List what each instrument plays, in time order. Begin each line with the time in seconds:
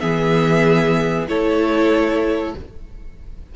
0.00 cello E3, viola B3, violin G#4 E5
1.28 cello A3, viola E4, violin A4 C#5